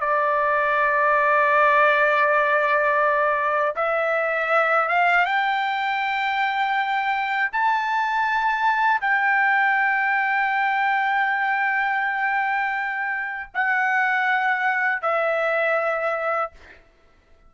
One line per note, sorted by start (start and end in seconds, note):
0.00 3.75 D5
3.76 4.89 E5
4.89 5.25 F5
5.25 7.50 G5
7.52 9.00 A5
9.00 13.50 G5
13.54 15.02 F#5
15.02 16.52 E5